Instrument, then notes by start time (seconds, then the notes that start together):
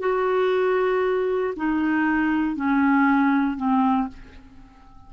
clarinet
0.00 F#4
1.56 D#4
2.56 C#4
3.57 C4